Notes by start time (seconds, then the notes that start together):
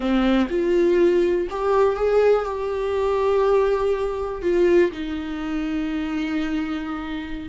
0.00 C4
0.49 F4
1.50 G4
1.96 G#4
2.45 G4
4.42 F4
4.91 D#4